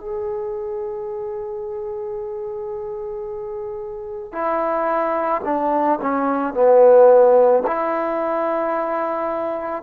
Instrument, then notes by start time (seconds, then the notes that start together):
trombone
0.00 G#4
4.32 E4
5.45 D4
6.02 C#4
6.55 B3
7.67 E4